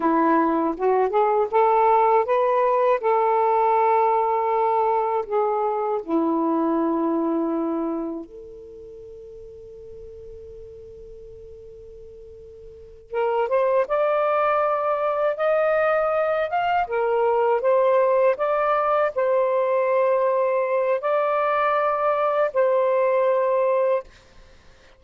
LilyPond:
\new Staff \with { instrumentName = "saxophone" } { \time 4/4 \tempo 4 = 80 e'4 fis'8 gis'8 a'4 b'4 | a'2. gis'4 | e'2. a'4~ | a'1~ |
a'4. ais'8 c''8 d''4.~ | d''8 dis''4. f''8 ais'4 c''8~ | c''8 d''4 c''2~ c''8 | d''2 c''2 | }